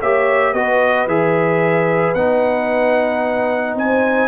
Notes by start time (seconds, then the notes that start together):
0.00 A#3 G4 C#5 E5
0.53 B3 F#4 B4 D#5
1.07 E3 G#4 E5
2.15 B3 D#4 F#5
3.75 C4 C5 G#5